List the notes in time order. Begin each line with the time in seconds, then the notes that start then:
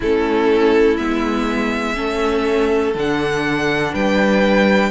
0.00 A3 C#4 E4 A4
0.97 G#3 B3 E5
1.94 A3 C#4 A4
2.94 D3 D4 F#5
3.93 G3 B4 G5